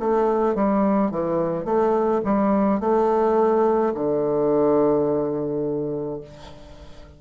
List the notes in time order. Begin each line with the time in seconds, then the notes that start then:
0.00 A3
0.56 G3
1.11 E3
1.65 A3
2.25 G3
2.80 A3
3.95 D3